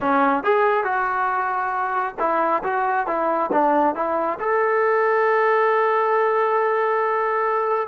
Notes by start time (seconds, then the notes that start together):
0.00 C#4
0.43 G#4
0.84 F#4
2.19 E4
2.63 F#4
3.06 E4
3.52 D4
3.95 E4
4.39 A4